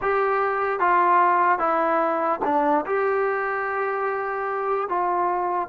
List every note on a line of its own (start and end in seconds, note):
0.01 0.79 G4
0.79 1.58 F4
1.58 2.40 E4
2.44 2.85 D4
2.86 4.88 G4
4.88 5.68 F4